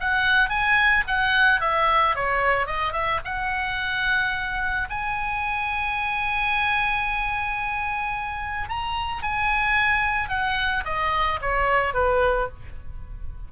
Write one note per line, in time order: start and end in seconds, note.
0.00 0.49 F#5
0.49 1.04 G#5
1.07 1.60 F#5
1.60 2.15 E5
2.15 2.66 C#5
2.66 2.92 D#5
2.92 3.20 E5
3.25 4.88 F#5
4.90 8.69 G#5
8.69 9.23 A#5
9.23 10.29 G#5
10.29 10.83 F#5
10.85 11.39 D#5
11.41 11.94 C#5
11.94 12.48 B4